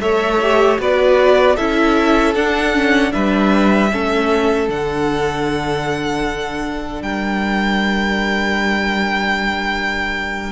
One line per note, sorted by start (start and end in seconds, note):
0.00 0.78 A3
0.00 0.40 A4
0.00 0.80 C#5
0.00 0.78 E5
0.42 0.78 G4
0.78 1.57 B3
0.78 1.56 F#4
0.78 1.55 B4
0.78 1.56 D5
1.55 2.34 C#4
1.55 2.35 E4
1.55 3.11 A4
1.55 2.34 E5
2.34 3.12 D4
2.34 2.74 D4
2.34 3.12 F#5
2.74 3.10 C#4
3.10 3.92 G3
3.10 3.88 D4
3.10 3.91 B4
3.10 4.68 E5
3.91 4.69 A3
3.91 4.69 C#4
3.91 7.03 A4
4.69 7.01 D3
4.69 10.51 D4
4.69 7.02 F#5
7.01 10.51 G3
7.01 10.51 A#4
7.01 10.51 G5